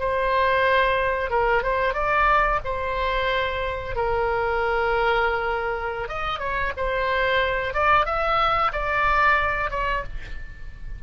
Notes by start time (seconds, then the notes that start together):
0.00 C5
1.30 A#4
1.63 C5
1.94 D5
2.65 C5
3.96 A#4
6.09 D#5
6.40 C#5
6.77 C5
7.74 D5
8.06 E5
8.73 D5
9.71 C#5